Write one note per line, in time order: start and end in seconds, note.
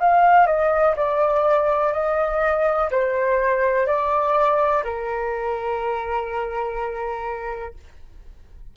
0.00 0.47 F5
0.47 0.95 D#5
0.96 1.93 D5
1.93 2.90 D#5
2.91 3.87 C5
3.87 4.83 D5
4.84 7.74 A#4